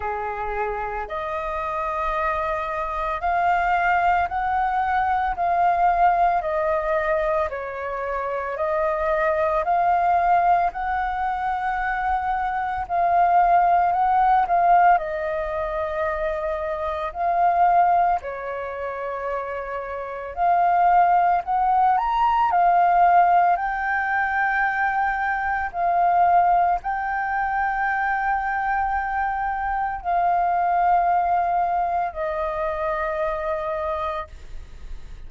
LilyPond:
\new Staff \with { instrumentName = "flute" } { \time 4/4 \tempo 4 = 56 gis'4 dis''2 f''4 | fis''4 f''4 dis''4 cis''4 | dis''4 f''4 fis''2 | f''4 fis''8 f''8 dis''2 |
f''4 cis''2 f''4 | fis''8 ais''8 f''4 g''2 | f''4 g''2. | f''2 dis''2 | }